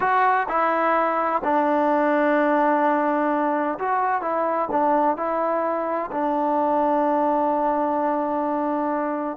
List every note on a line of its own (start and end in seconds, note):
0.00 0.47 F#4
0.48 1.42 E4
1.44 3.78 D4
3.78 4.21 F#4
4.21 4.68 E4
4.71 5.16 D4
5.16 6.10 E4
6.11 9.37 D4